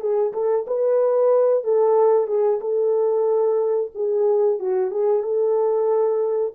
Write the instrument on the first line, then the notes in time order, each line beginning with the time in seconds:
horn
0.00 G#4
0.33 A4
0.67 B4
1.64 A4
2.27 G#4
2.61 A4
3.95 G#4
4.59 F#4
4.91 G#4
5.23 A4